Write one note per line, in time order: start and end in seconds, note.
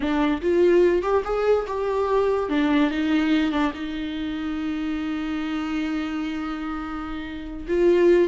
0.00 0.41 D4
0.41 1.02 F4
1.02 1.23 G4
1.24 1.66 G#4
1.67 2.49 G4
2.49 2.90 D4
2.90 3.51 D#4
3.51 3.72 D4
3.73 7.66 D#4
7.68 8.28 F4